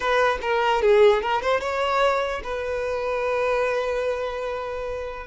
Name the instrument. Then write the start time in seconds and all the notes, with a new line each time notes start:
violin
0.00 B4
0.41 A#4
0.81 G#4
1.22 A#4
1.41 C5
1.60 C#5
2.43 B4